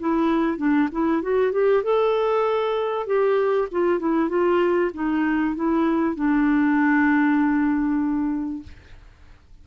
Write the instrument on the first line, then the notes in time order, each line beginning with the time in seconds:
clarinet
0.00 E4
0.58 D4
0.92 E4
1.22 F#4
1.52 G4
1.84 A4
3.06 G4
3.71 F4
4.00 E4
4.29 F4
4.94 D#4
5.56 E4
6.16 D4